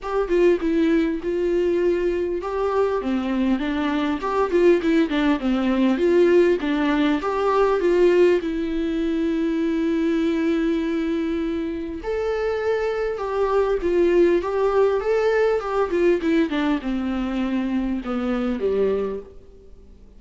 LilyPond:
\new Staff \with { instrumentName = "viola" } { \time 4/4 \tempo 4 = 100 g'8 f'8 e'4 f'2 | g'4 c'4 d'4 g'8 f'8 | e'8 d'8 c'4 f'4 d'4 | g'4 f'4 e'2~ |
e'1 | a'2 g'4 f'4 | g'4 a'4 g'8 f'8 e'8 d'8 | c'2 b4 g4 | }